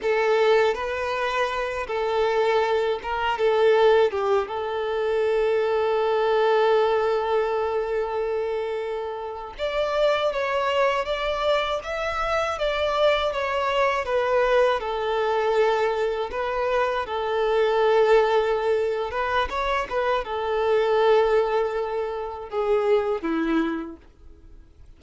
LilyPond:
\new Staff \with { instrumentName = "violin" } { \time 4/4 \tempo 4 = 80 a'4 b'4. a'4. | ais'8 a'4 g'8 a'2~ | a'1~ | a'8. d''4 cis''4 d''4 e''16~ |
e''8. d''4 cis''4 b'4 a'16~ | a'4.~ a'16 b'4 a'4~ a'16~ | a'4. b'8 cis''8 b'8 a'4~ | a'2 gis'4 e'4 | }